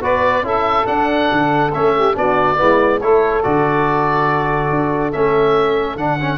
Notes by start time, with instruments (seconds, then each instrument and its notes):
0.00 tuba B3, trombone F#4, saxophone B4, oboe D5
0.43 tuba C#4, trombone E4, saxophone A4, oboe E5
0.86 trombone D4, tuba D4, oboe F#5
1.32 tuba D3
1.73 tuba A3, trombone C#4, oboe E5
1.96 saxophone G4
2.14 tuba B3, trombone D4, saxophone F#4, oboe D5
2.58 tuba G#3, trombone B3, saxophone E4
3.01 tuba A3, trombone E4, saxophone A4, oboe C#5
3.44 tuba D3, trombone F#4, oboe D5
4.70 tuba D4
5.13 tuba A3, trombone C#4, oboe E5
5.97 tuba D3, trombone D4, oboe F#5
6.21 trombone C#4